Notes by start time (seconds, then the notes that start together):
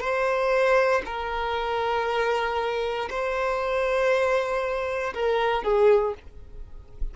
0.00 C5
1.05 A#4
3.10 C5
5.14 A#4
5.63 G#4